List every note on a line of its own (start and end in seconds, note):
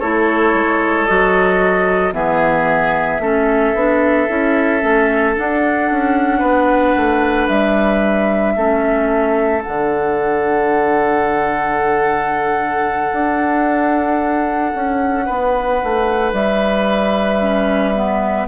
0.00 0.54 A3
0.00 1.08 E4
0.00 2.14 A4
0.00 1.06 C#5
0.54 1.08 G#3
1.06 2.13 F#3
1.06 2.13 F#4
1.06 2.13 D#5
2.13 3.19 E3
2.13 3.20 B3
2.13 3.22 G#4
2.13 5.35 E5
3.19 3.73 A3
3.19 3.76 C#4
3.19 6.39 A4
3.75 4.28 B3
3.75 4.29 D4
4.29 4.83 C#4
4.29 4.81 E4
4.81 5.37 A3
4.81 5.35 C#4
5.36 8.58 D4
5.36 5.91 D4
5.36 7.48 F#5
5.91 6.42 C#4
6.39 6.95 B3
6.39 8.53 B4
6.97 7.49 A3
7.48 8.56 G3
7.48 9.63 E5
8.56 9.64 A3
8.56 9.64 C#4
8.56 15.26 A4
9.64 13.12 D3
9.64 17.41 D4
9.64 16.33 F#5
13.12 14.73 D4
14.75 15.29 C#4
15.26 15.83 B3
15.26 18.47 B4
15.84 16.33 A3
16.33 18.48 G3
16.33 18.48 E5
17.41 17.94 C#4
17.95 18.48 B3